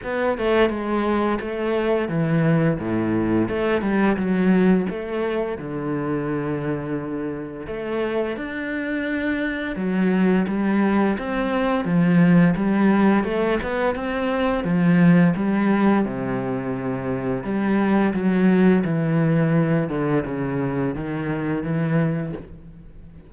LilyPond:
\new Staff \with { instrumentName = "cello" } { \time 4/4 \tempo 4 = 86 b8 a8 gis4 a4 e4 | a,4 a8 g8 fis4 a4 | d2. a4 | d'2 fis4 g4 |
c'4 f4 g4 a8 b8 | c'4 f4 g4 c4~ | c4 g4 fis4 e4~ | e8 d8 cis4 dis4 e4 | }